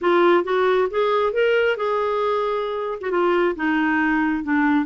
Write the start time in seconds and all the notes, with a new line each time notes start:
0.01 F4
0.43 F#4
0.90 G#4
1.33 A#4
1.76 G#4
3.00 F#4
3.10 F4
3.55 D#4
4.43 D4